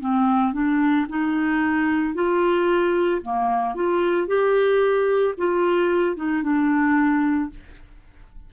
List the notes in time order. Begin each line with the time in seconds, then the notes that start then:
0.00 C4
0.53 D4
1.09 D#4
2.15 F4
3.22 A#3
3.75 F4
4.27 G4
5.38 F4
6.16 D#4
6.43 D4